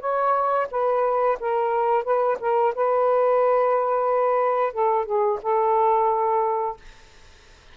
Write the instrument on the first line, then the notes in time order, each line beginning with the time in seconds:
saxophone
0.00 C#5
0.71 B4
1.40 A#4
2.04 B4
2.40 A#4
2.75 B4
4.73 A4
5.05 G#4
5.42 A4